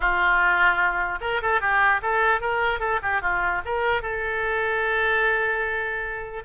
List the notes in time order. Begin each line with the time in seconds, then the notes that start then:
0.00 F4
1.20 A#4
1.42 A4
1.61 G4
2.02 A4
2.40 A#4
2.79 A4
3.02 G4
3.21 F4
3.65 A#4
4.02 A4